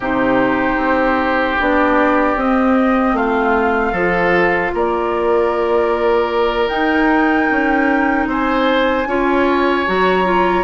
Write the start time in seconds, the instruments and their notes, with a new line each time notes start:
0.00 bassoon C3, clarinet D#4, oboe G4, flute C5
0.76 bassoon C4
1.59 bassoon B3, clarinet D4, flute D5
2.36 bassoon C4, clarinet C4, flute D#5
3.13 bassoon A3, oboe F4, flute F5
3.92 bassoon F3, clarinet F4, oboe A4
4.74 bassoon A#3, oboe A#4, flute D5
6.68 clarinet D#4, bassoon D#4, flute G5
7.50 bassoon C#4
8.26 bassoon C4, oboe C5, flute G#5
9.06 bassoon C#4, clarinet F4, oboe C#5
9.86 bassoon F#3, clarinet F#4, flute A#5
10.25 clarinet F4